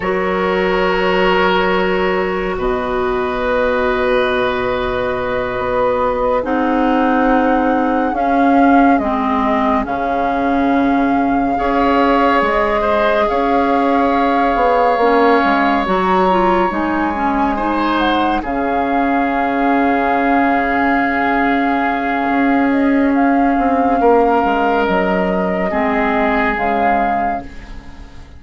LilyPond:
<<
  \new Staff \with { instrumentName = "flute" } { \time 4/4 \tempo 4 = 70 cis''2. dis''4~ | dis''2.~ dis''8 fis''8~ | fis''4. f''4 dis''4 f''8~ | f''2~ f''8 dis''4 f''8~ |
f''2~ f''8 ais''4 gis''8~ | gis''4 fis''8 f''2~ f''8~ | f''2~ f''8 dis''8 f''4~ | f''4 dis''2 f''4 | }
  \new Staff \with { instrumentName = "oboe" } { \time 4/4 ais'2. b'4~ | b'2.~ b'8 gis'8~ | gis'1~ | gis'4. cis''4. c''8 cis''8~ |
cis''1~ | cis''8 c''4 gis'2~ gis'8~ | gis'1 | ais'2 gis'2 | }
  \new Staff \with { instrumentName = "clarinet" } { \time 4/4 fis'1~ | fis'2.~ fis'8 dis'8~ | dis'4. cis'4 c'4 cis'8~ | cis'4. gis'2~ gis'8~ |
gis'4. cis'4 fis'8 f'8 dis'8 | cis'8 dis'4 cis'2~ cis'8~ | cis'1~ | cis'2 c'4 gis4 | }
  \new Staff \with { instrumentName = "bassoon" } { \time 4/4 fis2. b,4~ | b,2~ b,8 b4 c'8~ | c'4. cis'4 gis4 cis8~ | cis4. cis'4 gis4 cis'8~ |
cis'4 b8 ais8 gis8 fis4 gis8~ | gis4. cis2~ cis8~ | cis2 cis'4. c'8 | ais8 gis8 fis4 gis4 cis4 | }
>>